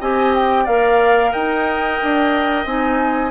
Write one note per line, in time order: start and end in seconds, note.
0.00 0.67 C4
0.00 0.67 G4
0.00 0.64 D#5
0.00 0.34 G#5
0.34 0.66 G5
0.64 1.33 A#3
0.64 2.67 A#4
0.64 1.30 D5
0.64 1.32 F5
1.31 2.01 D#4
1.31 3.31 D#5
1.31 2.65 G5
2.02 2.65 D4
2.65 3.31 C4
2.65 3.31 D#4
2.65 3.31 G#5